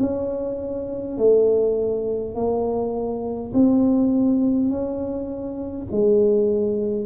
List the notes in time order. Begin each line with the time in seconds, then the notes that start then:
0.00 C#4
1.17 A3
2.35 A#3
3.53 C4
4.70 C#4
5.91 G#3